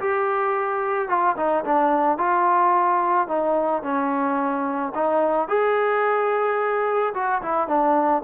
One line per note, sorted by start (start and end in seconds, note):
0.00 1.08 G4
1.08 1.36 F4
1.37 1.64 D#4
1.65 2.18 D4
2.18 3.28 F4
3.28 3.83 D#4
3.83 4.93 C#4
4.95 5.48 D#4
5.48 7.13 G#4
7.14 7.42 F#4
7.42 7.68 E4
7.68 8.23 D4